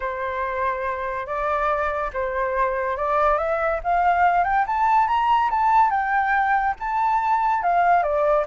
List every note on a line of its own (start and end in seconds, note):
0.00 1.26 C5
1.26 2.10 D5
2.13 2.97 C5
2.97 3.38 D5
3.38 3.80 E5
3.83 4.44 F5
4.44 4.65 G5
4.66 5.07 A5
5.07 5.49 A#5
5.50 5.90 A5
5.90 6.75 G5
6.79 7.62 A5
7.62 8.02 F5
8.02 8.45 D5